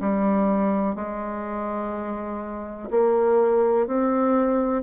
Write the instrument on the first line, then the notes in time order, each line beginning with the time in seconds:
bassoon
0.00 G3
0.95 G#3
2.90 A#3
3.87 C4